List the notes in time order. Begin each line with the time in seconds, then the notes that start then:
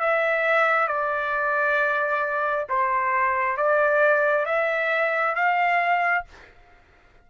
0.00 E5
0.88 D5
2.69 C5
3.57 D5
4.46 E5
5.35 F5